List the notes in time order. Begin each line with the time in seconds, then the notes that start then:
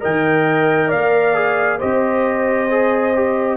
0.00 D#3 A#4 D#5 G5
0.88 A#3 D5 F5
1.34 G#4
1.79 C4 G4 C5 D#5
2.70 G#4
3.15 G4